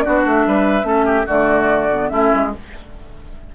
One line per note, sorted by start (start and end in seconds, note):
0.00 0.83 D4
0.00 0.46 F#4
0.00 0.21 D5
0.07 0.26 B3
0.26 0.46 A3
0.26 1.28 E5
0.46 0.83 G3
0.46 0.86 B4
0.83 1.24 A3
0.83 1.24 C#4
0.83 1.05 A4
1.05 1.26 G4
1.26 2.11 D3
1.26 1.89 A3
1.26 2.09 F#4
1.26 2.09 D5
1.92 2.10 B3
2.09 2.31 A3
2.09 2.51 C#4
2.09 2.53 E4
2.09 2.50 E5
2.34 2.55 G#3